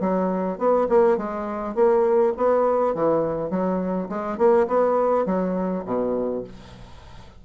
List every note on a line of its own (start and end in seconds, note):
0.00 0.58 F#3
0.58 0.87 B3
0.89 1.17 A#3
1.17 1.75 G#3
1.75 2.33 A#3
2.37 2.95 B3
2.95 3.50 E3
3.50 4.08 F#3
4.09 4.37 G#3
4.37 4.67 A#3
4.67 5.26 B3
5.26 5.84 F#3
5.85 6.43 B2